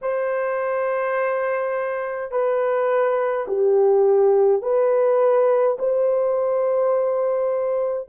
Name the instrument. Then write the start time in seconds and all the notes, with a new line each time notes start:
horn
0.01 C5
2.31 B4
3.47 G4
4.62 B4
5.78 C5